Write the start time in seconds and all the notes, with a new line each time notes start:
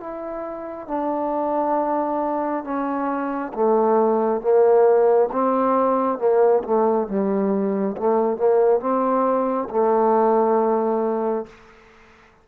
0.00 E4
0.87 D4
2.64 C#4
3.54 A3
4.41 A#3
5.32 C4
6.18 A#3
6.64 A3
7.07 G3
7.97 A3
8.37 A#3
8.80 C4
9.69 A3